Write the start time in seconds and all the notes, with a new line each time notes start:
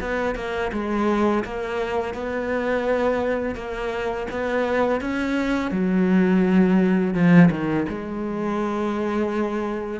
0.00 B3
0.35 A#3
0.72 G#3
1.44 A#3
2.14 B3
3.55 A#3
4.30 B3
5.00 C#4
5.71 F#3
7.14 F3
7.50 D#3
7.88 G#3